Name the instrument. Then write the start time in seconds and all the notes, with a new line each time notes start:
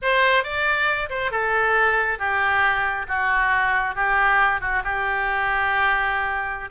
oboe
0.02 C5
0.43 D5
1.09 C5
1.31 A4
2.18 G4
3.08 F#4
3.95 G4
4.60 F#4
4.84 G4